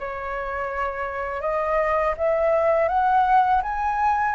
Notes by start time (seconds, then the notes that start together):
0.00 C#5
1.42 D#5
2.18 E5
2.89 F#5
3.63 G#5